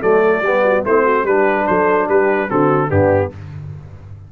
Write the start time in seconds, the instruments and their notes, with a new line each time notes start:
0.00 tuba F#3, trombone A3, horn A4, trumpet D5
0.42 tuba G3, trombone B3, horn G4
0.64 horn F#4
0.85 tuba A3, trombone C4, horn E4, trumpet C5
1.04 horn F#4
1.24 tuba G3, trombone D4, horn G4, trumpet B4
1.67 tuba F#3, horn A4, trumpet C5
2.08 tuba G3, horn G4, trumpet B4
2.49 tuba D3, trombone C4, horn F#4, trumpet A4
2.89 tuba G2, trombone B3, horn D4, trumpet G4